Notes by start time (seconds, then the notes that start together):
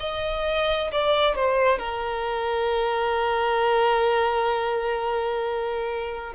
0.00 D#5
0.92 D5
1.36 C5
1.79 A#4